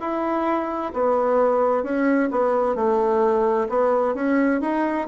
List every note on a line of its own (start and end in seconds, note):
0.00 0.92 E4
0.93 1.83 B3
1.83 2.30 C#4
2.31 2.75 B3
2.75 3.68 A3
3.69 4.15 B3
4.15 4.61 C#4
4.61 5.07 D#4